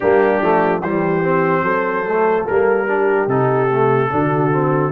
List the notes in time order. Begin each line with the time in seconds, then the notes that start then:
0.00 G3 A#3 D4 G4
0.41 F3 A3
0.82 E3 G3 G4 C5
1.23 C4
1.62 F#3 A4
2.07 A3
2.47 G3 A#3 A#4
2.87 D4 G4
3.27 C3 D#4 A4
3.69 A3
4.10 D3 D4 F#4
4.51 C4